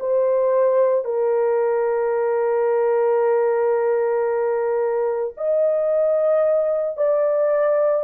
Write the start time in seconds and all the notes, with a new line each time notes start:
0.00 C5
1.05 A#4
5.37 D#5
6.97 D5